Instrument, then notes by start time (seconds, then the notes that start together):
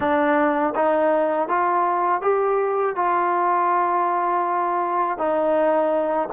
trombone
0.00 D4
0.75 D#4
1.48 F4
2.21 G4
2.95 F4
5.18 D#4